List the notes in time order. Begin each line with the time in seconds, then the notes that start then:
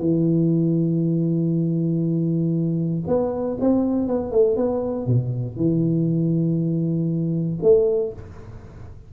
0.00 E3
3.08 B3
3.61 C4
4.08 B3
4.32 A3
4.57 B3
5.07 B2
5.57 E3
7.63 A3